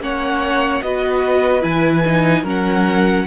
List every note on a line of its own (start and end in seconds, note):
0.00 0.81 A#3
0.00 0.82 C#4
0.00 0.84 C#5
0.00 0.82 F#5
0.82 1.63 B3
0.82 1.61 F#4
0.82 2.43 B4
0.82 1.64 D#5
1.61 2.43 E3
1.61 2.02 E4
1.61 2.45 G#5
2.05 2.45 D#4
2.43 3.24 F#3
2.43 3.26 C#4
2.43 3.24 A#4
2.49 3.27 F#5